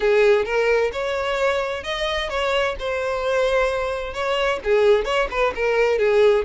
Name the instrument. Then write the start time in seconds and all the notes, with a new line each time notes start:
violin
0.00 G#4
0.45 A#4
0.92 C#5
1.83 D#5
2.29 C#5
2.79 C5
4.13 C#5
4.63 G#4
5.04 C#5
5.30 B4
5.55 A#4
5.98 G#4